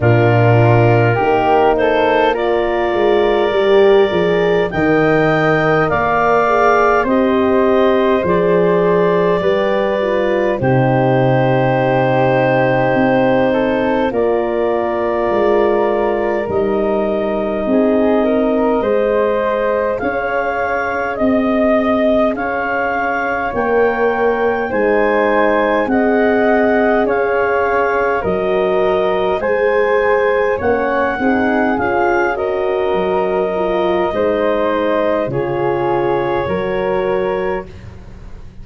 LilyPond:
<<
  \new Staff \with { instrumentName = "clarinet" } { \time 4/4 \tempo 4 = 51 ais'4. c''8 d''2 | g''4 f''4 dis''4 d''4~ | d''4 c''2. | d''2 dis''2~ |
dis''4 f''4 dis''4 f''4 | g''4 gis''4 fis''4 f''4 | dis''4 gis''4 fis''4 f''8 dis''8~ | dis''2 cis''2 | }
  \new Staff \with { instrumentName = "flute" } { \time 4/4 f'4 g'8 a'8 ais'2 | dis''4 d''4 c''2 | b'4 g'2~ g'8 a'8 | ais'2. gis'8 ais'8 |
c''4 cis''4 dis''4 cis''4~ | cis''4 c''4 dis''4 cis''4 | ais'4 c''4 cis''8 gis'4 ais'8~ | ais'4 c''4 gis'4 ais'4 | }
  \new Staff \with { instrumentName = "horn" } { \time 4/4 d'4 dis'4 f'4 g'8 gis'8 | ais'4. gis'8 g'4 gis'4 | g'8 f'8 dis'2. | f'2 dis'2 |
gis'1 | ais'4 dis'4 gis'2 | fis'4 gis'4 cis'8 dis'8 f'8 fis'8~ | fis'8 f'8 dis'4 f'4 fis'4 | }
  \new Staff \with { instrumentName = "tuba" } { \time 4/4 ais,4 ais4. gis8 g8 f8 | dis4 ais4 c'4 f4 | g4 c2 c'4 | ais4 gis4 g4 c'4 |
gis4 cis'4 c'4 cis'4 | ais4 gis4 c'4 cis'4 | fis4 gis4 ais8 c'8 cis'4 | fis4 gis4 cis4 fis4 | }
>>